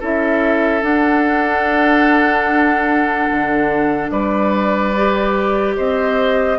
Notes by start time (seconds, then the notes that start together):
0.00 C#4 E4 A4 E5
0.82 D4 F#5
3.31 D3
4.10 G3 B4 D5
4.96 G4
5.76 C4 C5 D#5